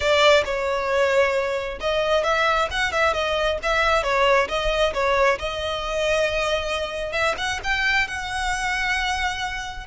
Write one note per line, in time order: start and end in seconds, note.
0.00 0.44 D5
0.44 1.78 C#5
1.80 2.23 D#5
2.23 2.68 E5
2.70 2.91 F#5
2.91 3.13 E5
3.13 3.58 D#5
3.62 4.03 E5
4.03 4.48 C#5
4.48 4.93 D#5
4.93 5.38 C#5
5.39 7.12 D#5
7.12 7.34 E5
7.37 7.60 F#5
7.63 8.07 G5
8.07 9.86 F#5